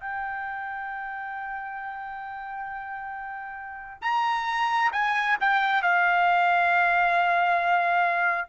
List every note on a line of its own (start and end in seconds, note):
0.00 4.02 G5
4.02 4.91 A#5
4.93 5.37 G#5
5.41 5.82 G5
5.82 8.49 F5